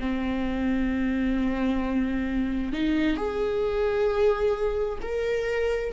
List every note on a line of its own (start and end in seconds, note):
0.00 2.73 C4
2.73 3.17 D#4
3.17 4.99 G#4
5.02 5.93 A#4